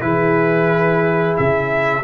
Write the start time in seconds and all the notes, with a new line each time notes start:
0.00 E3 E4 G#4 B4
1.36 C#3 E5